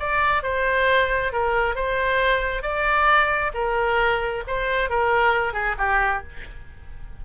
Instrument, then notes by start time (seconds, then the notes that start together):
oboe
0.00 D5
0.43 C5
1.33 A#4
1.76 C5
2.63 D5
3.54 A#4
4.47 C5
4.90 A#4
5.54 G#4
5.78 G4